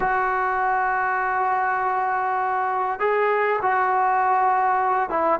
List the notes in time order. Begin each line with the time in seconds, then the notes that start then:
0.00 F#4
2.99 G#4
3.62 F#4
5.09 E4